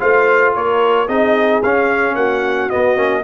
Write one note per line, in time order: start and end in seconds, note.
0.00 0.56 A3
0.00 1.08 F4
0.00 0.55 C5
0.00 0.54 F5
0.56 1.08 A#3
0.56 1.08 A#4
0.56 1.08 C#5
1.08 1.62 C4
1.08 1.63 D#4
1.08 2.16 G#4
1.08 1.62 D#5
1.63 2.15 C#4
1.63 2.71 C#4
1.63 2.16 F5
2.15 2.69 A#3
2.15 3.24 F#4
2.15 2.70 F#5
2.70 2.96 B3
2.70 2.97 B3
2.70 3.24 D#5
2.96 3.24 A#3
2.96 3.23 C#4